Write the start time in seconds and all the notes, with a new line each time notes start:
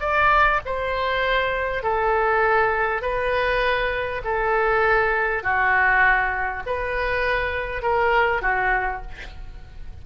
0.00 D5
0.65 C5
1.83 A4
3.02 B4
4.24 A4
5.43 F#4
6.66 B4
7.82 A#4
8.42 F#4